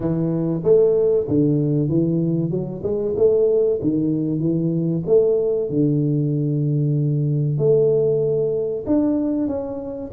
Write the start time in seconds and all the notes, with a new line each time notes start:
0.00 E3
0.63 A3
1.27 D3
1.89 E3
2.50 F#3
2.82 G#3
3.16 A3
3.81 D#3
4.39 E3
5.06 A3
5.69 D3
7.58 A3
8.86 D4
9.47 C#4